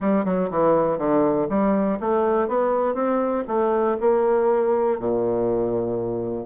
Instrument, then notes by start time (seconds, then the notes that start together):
bassoon
0.00 G3
0.24 F#3
0.50 E3
0.98 D3
1.49 G3
1.99 A3
2.48 B3
2.94 C4
3.47 A3
4.00 A#3
4.99 A#2